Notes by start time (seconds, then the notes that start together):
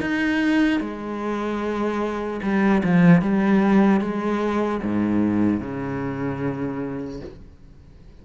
0.00 D#4
0.80 G#3
2.42 G3
2.84 F3
3.21 G3
4.00 G#3
4.83 G#2
5.60 C#3